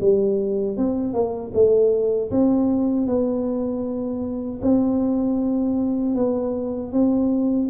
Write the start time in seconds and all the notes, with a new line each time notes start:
0.00 G3
0.77 C4
1.13 A#3
1.54 A3
2.31 C4
3.07 B3
4.62 C4
6.15 B3
6.92 C4